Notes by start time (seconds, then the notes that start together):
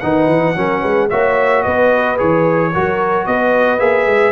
0.00 D#3 D#4 B4 F#5
0.28 E3
0.56 F#3 C#4 A#4
0.81 G#3 B4
1.10 A#3 F#4 C#5 E5
1.63 B3 B4 D#5
2.17 E3 G#4 C#5
2.72 F#3 F#4 A#4
3.26 B3 B4 D#5
3.79 A#3 G#4 E5
4.06 G#3